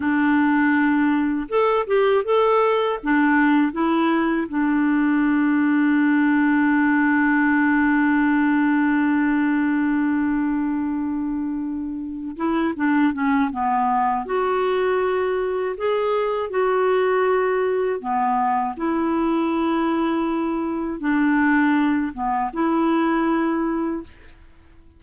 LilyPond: \new Staff \with { instrumentName = "clarinet" } { \time 4/4 \tempo 4 = 80 d'2 a'8 g'8 a'4 | d'4 e'4 d'2~ | d'1~ | d'1~ |
d'8 e'8 d'8 cis'8 b4 fis'4~ | fis'4 gis'4 fis'2 | b4 e'2. | d'4. b8 e'2 | }